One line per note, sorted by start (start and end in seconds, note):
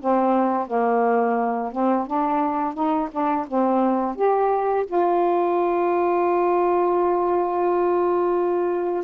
0.00 0.67 C4
0.67 1.72 A#3
1.72 2.06 C4
2.06 2.73 D4
2.73 3.08 D#4
3.11 3.46 D4
3.47 4.15 C4
4.15 4.85 G4
4.86 9.03 F4